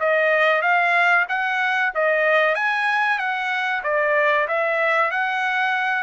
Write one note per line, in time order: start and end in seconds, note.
0.00 0.62 D#5
0.62 1.26 F5
1.29 1.93 F#5
1.95 2.55 D#5
2.55 3.19 G#5
3.19 3.82 F#5
3.84 4.47 D5
4.48 5.11 E5
5.11 6.03 F#5